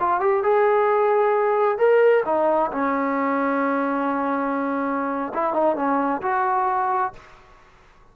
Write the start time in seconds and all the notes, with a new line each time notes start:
0.00 F4
0.20 G4
0.43 G#4
1.79 A#4
2.26 D#4
2.71 C#4
5.34 E4
5.54 D#4
5.76 C#4
6.22 F#4